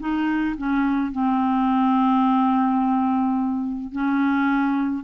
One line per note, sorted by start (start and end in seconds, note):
0.00 0.56 D#4
0.58 1.12 C#4
1.12 3.92 C4
3.92 5.04 C#4